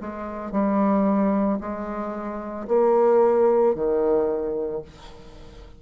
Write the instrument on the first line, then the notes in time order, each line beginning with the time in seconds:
bassoon
0.00 G#3
0.52 G3
1.60 G#3
2.67 A#3
3.75 D#3